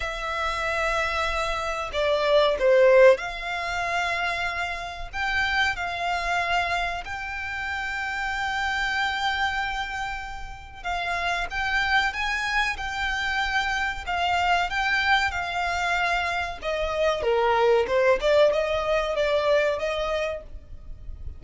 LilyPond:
\new Staff \with { instrumentName = "violin" } { \time 4/4 \tempo 4 = 94 e''2. d''4 | c''4 f''2. | g''4 f''2 g''4~ | g''1~ |
g''4 f''4 g''4 gis''4 | g''2 f''4 g''4 | f''2 dis''4 ais'4 | c''8 d''8 dis''4 d''4 dis''4 | }